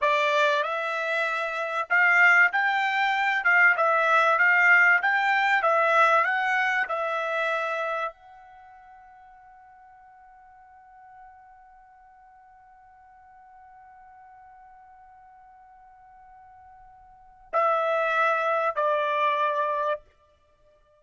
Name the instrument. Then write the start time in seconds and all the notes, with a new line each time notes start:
trumpet
0.01 D5
0.62 E5
1.89 F5
2.52 G5
3.44 F5
3.77 E5
4.38 F5
5.02 G5
5.62 E5
6.24 F#5
6.88 E5
8.12 F#5
17.52 E5
18.75 D5